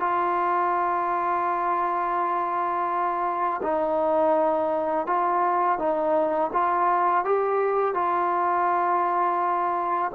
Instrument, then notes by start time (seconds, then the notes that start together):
trombone
0.00 F4
3.63 D#4
5.07 F4
5.79 D#4
6.54 F4
7.25 G4
7.95 F4